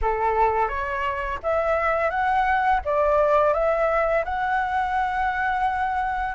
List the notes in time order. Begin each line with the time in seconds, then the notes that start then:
0.01 A4
0.68 C#5
1.42 E5
2.10 F#5
2.84 D5
3.53 E5
4.24 F#5